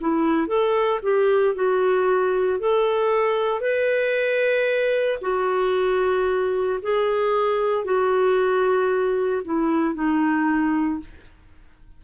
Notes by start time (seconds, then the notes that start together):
0.00 E4
0.47 A4
1.02 G4
1.55 F#4
2.59 A4
3.60 B4
5.21 F#4
6.82 G#4
7.84 F#4
9.44 E4
9.94 D#4